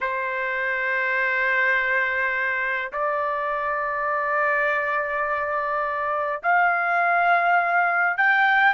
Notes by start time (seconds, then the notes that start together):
0.01 C5
2.92 D5
6.42 F5
8.17 G5